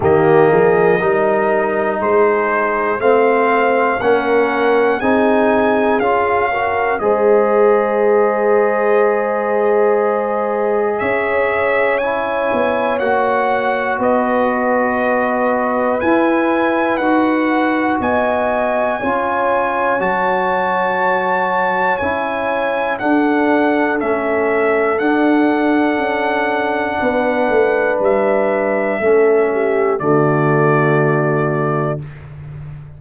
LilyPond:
<<
  \new Staff \with { instrumentName = "trumpet" } { \time 4/4 \tempo 4 = 60 dis''2 c''4 f''4 | fis''4 gis''4 f''4 dis''4~ | dis''2. e''4 | gis''4 fis''4 dis''2 |
gis''4 fis''4 gis''2 | a''2 gis''4 fis''4 | e''4 fis''2. | e''2 d''2 | }
  \new Staff \with { instrumentName = "horn" } { \time 4/4 g'8 gis'8 ais'4 gis'4 c''4 | ais'4 gis'4. ais'8 c''4~ | c''2. cis''4~ | cis''2 b'2~ |
b'2 dis''4 cis''4~ | cis''2. a'4~ | a'2. b'4~ | b'4 a'8 g'8 fis'2 | }
  \new Staff \with { instrumentName = "trombone" } { \time 4/4 ais4 dis'2 c'4 | cis'4 dis'4 f'8 fis'8 gis'4~ | gis'1 | e'4 fis'2. |
e'4 fis'2 f'4 | fis'2 e'4 d'4 | cis'4 d'2.~ | d'4 cis'4 a2 | }
  \new Staff \with { instrumentName = "tuba" } { \time 4/4 dis8 f8 g4 gis4 a4 | ais4 c'4 cis'4 gis4~ | gis2. cis'4~ | cis'8 b8 ais4 b2 |
e'4 dis'4 b4 cis'4 | fis2 cis'4 d'4 | a4 d'4 cis'4 b8 a8 | g4 a4 d2 | }
>>